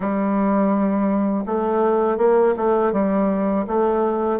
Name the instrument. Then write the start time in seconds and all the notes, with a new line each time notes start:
bassoon
0.00 G3
1.46 A3
2.18 A#3
2.56 A3
2.92 G3
3.67 A3